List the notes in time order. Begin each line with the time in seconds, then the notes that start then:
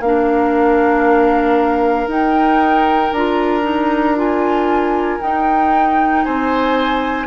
0.00 A#3 D4 F5
0.07 A#4
2.07 D#4 G5
3.11 D4 F4 A#5
3.62 D#4
4.16 F4 G#5
5.20 D#4 G5
6.24 C4 C5 G#5